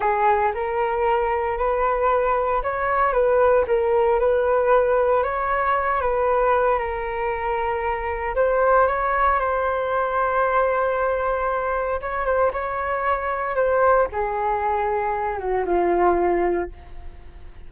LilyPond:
\new Staff \with { instrumentName = "flute" } { \time 4/4 \tempo 4 = 115 gis'4 ais'2 b'4~ | b'4 cis''4 b'4 ais'4 | b'2 cis''4. b'8~ | b'4 ais'2. |
c''4 cis''4 c''2~ | c''2. cis''8 c''8 | cis''2 c''4 gis'4~ | gis'4. fis'8 f'2 | }